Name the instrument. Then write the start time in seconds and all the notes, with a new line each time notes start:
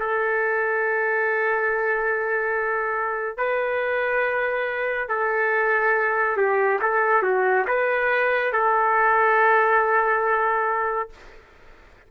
trumpet
0.00 A4
3.38 B4
5.09 A4
6.37 G4
6.82 A4
7.23 F#4
7.68 B4
8.53 A4